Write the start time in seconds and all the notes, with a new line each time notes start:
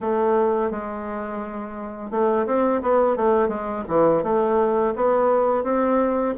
0.00 A3
0.71 G#3
2.10 A3
2.46 C4
2.81 B3
3.16 A3
3.48 G#3
3.88 E3
4.23 A3
4.95 B3
5.63 C4